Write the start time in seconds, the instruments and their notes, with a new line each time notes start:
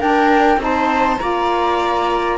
0.00 cello D4, saxophone D4, viola A#4, flute G5
0.57 cello C4, saxophone D#4, flute A5
0.66 viola C5
1.19 cello A#3, saxophone F4, viola D5, flute A#5